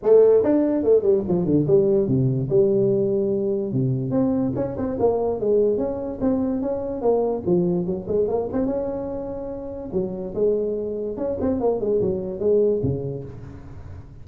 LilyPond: \new Staff \with { instrumentName = "tuba" } { \time 4/4 \tempo 4 = 145 a4 d'4 a8 g8 f8 d8 | g4 c4 g2~ | g4 c4 c'4 cis'8 c'8 | ais4 gis4 cis'4 c'4 |
cis'4 ais4 f4 fis8 gis8 | ais8 c'8 cis'2. | fis4 gis2 cis'8 c'8 | ais8 gis8 fis4 gis4 cis4 | }